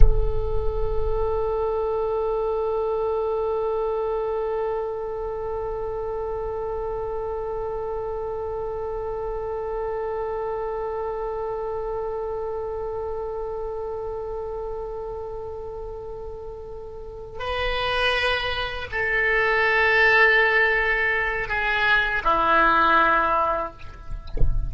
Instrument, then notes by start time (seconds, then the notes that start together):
oboe
0.00 A4
17.39 B4
18.91 A4
21.48 G#4
22.24 E4